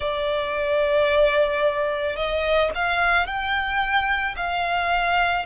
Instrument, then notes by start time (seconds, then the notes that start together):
violin
0.00 D5
2.16 D#5
2.74 F5
3.26 G5
4.36 F5